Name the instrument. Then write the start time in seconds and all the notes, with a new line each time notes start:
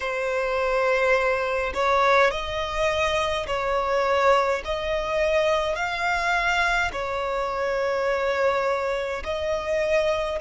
violin
0.00 C5
1.74 C#5
2.31 D#5
3.46 C#5
4.65 D#5
5.75 F5
6.92 C#5
9.23 D#5